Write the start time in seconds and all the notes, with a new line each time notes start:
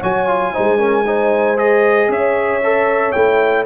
0.00 F#3 F#4 C#5 G#5
0.28 F4
0.53 G#3 D#4 C5
0.78 C#4 A#4
1.07 D#4 C5
1.57 G#4 D#5
2.09 C#4 C#5 E5
2.64 A4
3.12 A3 E4 G5